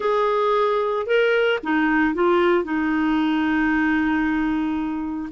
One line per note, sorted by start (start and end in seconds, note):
0.00 1.06 G#4
1.06 1.59 A#4
1.63 2.14 D#4
2.14 2.64 F4
2.64 5.29 D#4